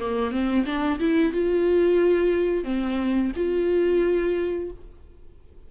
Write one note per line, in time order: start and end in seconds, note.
0.00 0.32 A#3
0.32 0.65 C4
0.66 1.00 D4
1.00 1.33 E4
1.33 2.64 F4
2.64 3.32 C4
3.36 4.71 F4